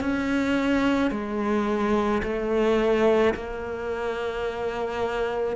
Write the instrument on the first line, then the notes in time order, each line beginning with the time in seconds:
cello
0.00 C#4
1.11 G#3
2.23 A3
3.34 A#3